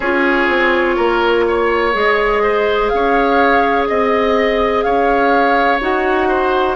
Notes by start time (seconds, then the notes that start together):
0.00 C#4 F4 G#4 C#5
0.48 C4
0.96 A#3 A#4
1.47 C#5
1.93 G#3 G#4 D#5
2.43 C5
2.88 C#4 F5
2.95 C#5
3.86 C4 D#5
4.82 C#4 C#5 F5
5.80 D#4 F#4 F#5
6.28 C5